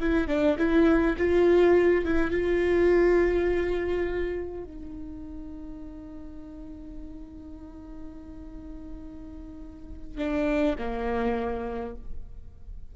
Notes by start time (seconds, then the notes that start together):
0.00 E4
0.28 D4
0.58 E4
1.17 F4
2.04 E4
2.31 F4
4.64 D#4
10.17 D4
10.78 A#3